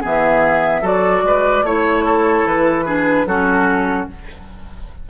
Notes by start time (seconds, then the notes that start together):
0.00 E3 B3 G#4 E5
0.81 F#3 F#4 A4 D5
1.23 G#3 B4
1.62 A3 E4 C#5
2.05 A4
2.45 E3 B4
2.85 D4 G#4
3.25 F#3 C#4 F#4 A4